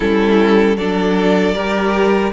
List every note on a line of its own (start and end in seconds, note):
0.00 0.76 G3
0.00 0.77 C#4
0.00 0.76 E4
0.00 0.77 A4
0.76 1.54 F#3
0.76 1.55 D4
0.76 1.54 A4
0.76 2.32 D5
1.54 2.32 G3
1.54 2.32 G4
1.54 2.32 A#4